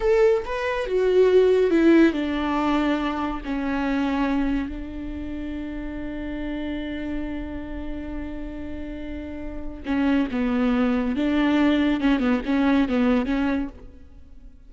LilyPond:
\new Staff \with { instrumentName = "viola" } { \time 4/4 \tempo 4 = 140 a'4 b'4 fis'2 | e'4 d'2. | cis'2. d'4~ | d'1~ |
d'1~ | d'2. cis'4 | b2 d'2 | cis'8 b8 cis'4 b4 cis'4 | }